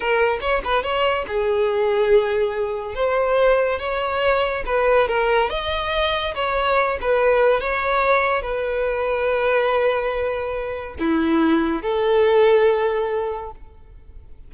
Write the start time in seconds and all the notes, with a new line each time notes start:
0.00 A#4
0.41 C#5
0.64 B4
0.83 C#5
1.27 G#4
2.94 C5
3.79 C#5
4.66 B4
5.08 A#4
5.49 D#5
6.34 C#5
7.01 B4
7.60 C#5
8.41 B4
10.99 E4
11.82 A4